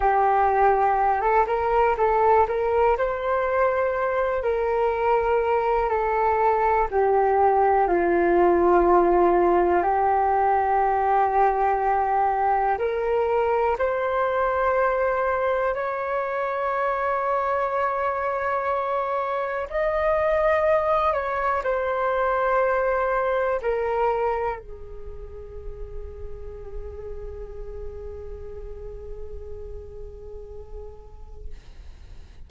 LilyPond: \new Staff \with { instrumentName = "flute" } { \time 4/4 \tempo 4 = 61 g'4~ g'16 a'16 ais'8 a'8 ais'8 c''4~ | c''8 ais'4. a'4 g'4 | f'2 g'2~ | g'4 ais'4 c''2 |
cis''1 | dis''4. cis''8 c''2 | ais'4 gis'2.~ | gis'1 | }